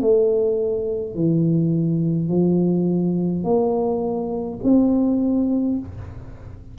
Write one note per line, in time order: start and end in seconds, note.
0.00 1.15 A3
1.15 2.28 E3
2.28 3.44 F3
3.44 4.59 A#3
4.63 5.78 C4